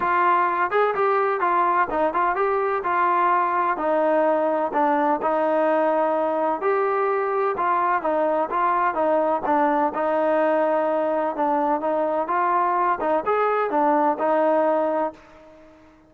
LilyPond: \new Staff \with { instrumentName = "trombone" } { \time 4/4 \tempo 4 = 127 f'4. gis'8 g'4 f'4 | dis'8 f'8 g'4 f'2 | dis'2 d'4 dis'4~ | dis'2 g'2 |
f'4 dis'4 f'4 dis'4 | d'4 dis'2. | d'4 dis'4 f'4. dis'8 | gis'4 d'4 dis'2 | }